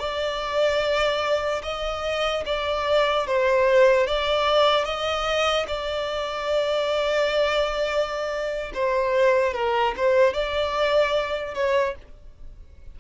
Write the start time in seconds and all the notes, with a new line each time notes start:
0.00 D5
1.63 D#5
2.46 D5
3.27 C5
4.07 D5
4.85 D#5
5.68 D5
8.75 C5
9.54 A#4
9.97 C5
10.34 D5
11.55 C#5